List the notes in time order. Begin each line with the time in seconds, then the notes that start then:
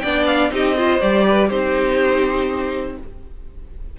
0.00 B3 D4 D5 G5
0.26 F5
0.51 C4 D#4 G4 D#5
0.77 F4 C5
1.01 G3 G4 D5
1.28 B4
1.50 C4 D#4 G4 C5